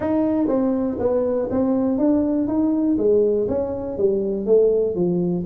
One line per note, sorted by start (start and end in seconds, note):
0.00 0.47 D#4
0.47 0.97 C4
0.99 1.49 B3
1.50 1.97 C4
1.97 2.47 D4
2.47 2.97 D#4
2.98 3.47 G#3
3.48 3.97 C#4
3.97 4.46 G3
4.46 4.95 A3
4.95 5.44 F3